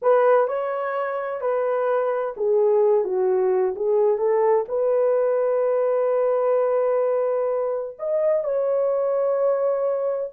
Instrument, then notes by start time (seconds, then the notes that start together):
horn
0.01 B4
0.47 C#5
1.40 B4
2.37 G#4
3.04 F#4
3.75 G#4
4.18 A4
4.68 B4
7.98 D#5
8.44 C#5